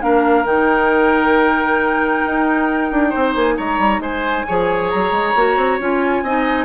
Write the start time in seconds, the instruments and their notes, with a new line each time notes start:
0.00 bassoon A#3, clarinet D4, oboe A#4, flute F5
0.44 bassoon D#3, clarinet D#4, flute G5
2.25 bassoon D#4
2.91 bassoon D4
3.09 bassoon C4, oboe C5
3.34 bassoon A#3, flute G#5
3.56 bassoon G#3, oboe C#5, flute A#5
3.78 bassoon G3
3.99 bassoon G#3, oboe C5, flute G#5
4.47 bassoon F3, clarinet G#4, oboe C#5
4.90 bassoon F#3, flute A#5
5.11 bassoon G#3
5.35 bassoon A#3, clarinet F#4
5.56 bassoon C4
5.79 bassoon C#4, clarinet F4, flute G#5
6.22 bassoon C4, clarinet D#4, oboe D#5